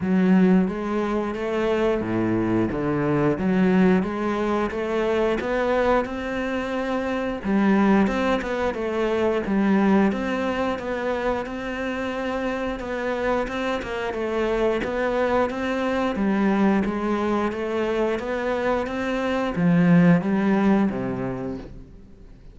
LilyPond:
\new Staff \with { instrumentName = "cello" } { \time 4/4 \tempo 4 = 89 fis4 gis4 a4 a,4 | d4 fis4 gis4 a4 | b4 c'2 g4 | c'8 b8 a4 g4 c'4 |
b4 c'2 b4 | c'8 ais8 a4 b4 c'4 | g4 gis4 a4 b4 | c'4 f4 g4 c4 | }